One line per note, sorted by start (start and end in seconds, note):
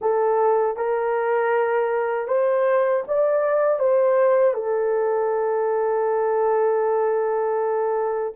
0.01 0.76 A4
0.76 2.27 A#4
2.27 3.03 C5
3.07 3.79 D5
3.79 4.54 C5
4.54 8.33 A4